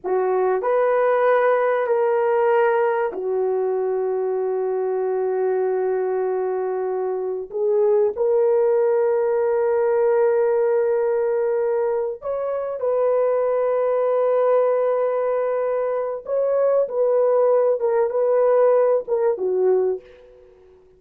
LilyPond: \new Staff \with { instrumentName = "horn" } { \time 4/4 \tempo 4 = 96 fis'4 b'2 ais'4~ | ais'4 fis'2.~ | fis'1 | gis'4 ais'2.~ |
ais'2.~ ais'8 cis''8~ | cis''8 b'2.~ b'8~ | b'2 cis''4 b'4~ | b'8 ais'8 b'4. ais'8 fis'4 | }